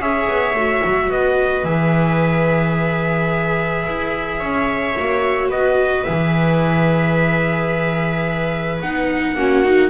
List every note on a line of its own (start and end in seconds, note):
0.00 0.28 C#4
0.00 0.56 G#4
0.00 1.11 C#5
0.00 1.12 E5
0.29 0.54 B3
0.54 0.81 A3
0.54 1.65 F#4
0.85 1.09 F#3
1.09 1.64 B3
1.09 4.40 B4
1.09 1.65 D#5
1.64 3.84 E3
1.64 4.95 G#4
1.64 5.50 E5
3.87 4.41 E4
4.40 4.96 C#4
4.40 5.49 C#5
4.97 5.51 A#3
4.97 6.07 F#4
5.49 6.06 B3
5.49 9.35 B4
5.49 6.04 D#5
6.04 8.80 E3
6.04 8.83 G#4
6.04 8.79 E5
8.80 9.35 B3
8.80 9.37 D#4
8.80 9.90 F#5
9.35 9.90 A#3
9.35 9.64 C#4
9.35 9.90 F#4
9.64 9.90 D#4